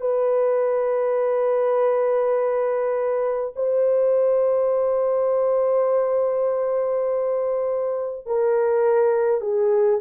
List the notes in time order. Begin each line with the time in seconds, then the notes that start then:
0.00 B4
3.56 C5
8.26 A#4
9.41 G#4